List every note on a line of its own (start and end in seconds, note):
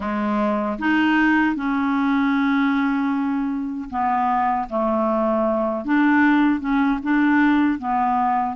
0.00 0.78 G#3
0.78 1.55 D#4
1.55 3.89 C#4
3.90 4.68 B3
4.69 5.84 A3
5.84 6.60 D4
6.60 6.99 C#4
7.03 7.79 D4
7.79 8.56 B3